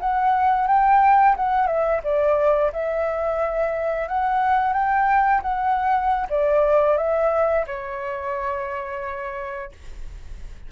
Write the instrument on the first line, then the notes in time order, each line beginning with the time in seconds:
flute
0.00 F#5
0.68 G5
1.37 F#5
1.67 E5
2.04 D5
2.73 E5
4.08 F#5
4.74 G5
5.42 F#5
6.30 D5
6.98 E5
7.67 C#5